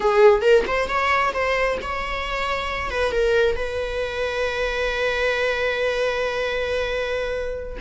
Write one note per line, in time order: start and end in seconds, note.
0.00 0.41 G#4
0.41 0.63 A#4
0.67 0.88 C5
0.88 1.32 C#5
1.33 1.78 C5
1.82 2.90 C#5
2.90 3.11 B4
3.11 3.56 A#4
3.56 7.78 B4